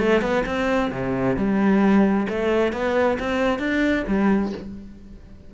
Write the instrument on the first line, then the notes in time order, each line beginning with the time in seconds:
cello
0.00 A3
0.22 B3
0.46 C4
0.92 C3
1.37 G3
2.30 A3
2.73 B3
3.20 C4
3.59 D4
4.08 G3